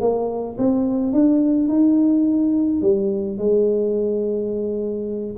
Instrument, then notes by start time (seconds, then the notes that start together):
tuba
0.00 A#3
0.58 C4
1.13 D4
1.68 D#4
2.81 G3
3.38 G#3